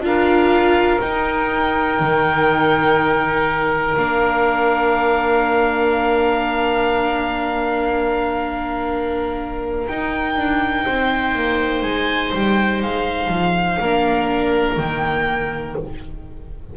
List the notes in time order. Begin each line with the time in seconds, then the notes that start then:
0.00 D4 F4 A#4 F5
1.01 D#4 G5
2.00 D#3
3.97 A#3 D4 F5
9.87 D#4 G5
10.36 D4
10.85 C4 C5
11.35 A#3
11.82 G#3 G#5
12.34 G3 G5
12.82 G#3 F5
13.28 F3
13.80 A#3 D4 A#4
14.77 D#3 A#3 G5